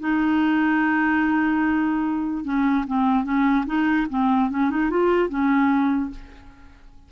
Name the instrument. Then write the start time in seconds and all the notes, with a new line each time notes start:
clarinet
0.00 D#4
2.45 C#4
2.87 C4
3.24 C#4
3.66 D#4
4.10 C4
4.50 C#4
4.70 D#4
4.90 F4
5.29 C#4